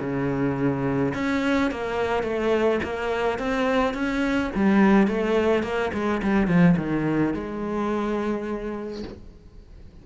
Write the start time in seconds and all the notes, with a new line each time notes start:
0.00 C#3
1.14 C#4
1.71 A#3
2.23 A3
2.83 A#3
3.38 C4
3.94 C#4
4.55 G3
5.07 A3
5.63 A#3
5.93 G#3
6.22 G3
6.47 F3
6.77 D#3
7.33 G#3